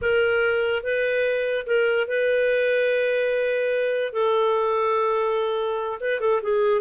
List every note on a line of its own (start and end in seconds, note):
0.01 0.83 A#4
0.83 1.66 B4
1.66 2.07 A#4
2.07 4.12 B4
4.12 5.99 A4
6.00 6.20 B4
6.20 6.41 A4
6.42 6.81 G#4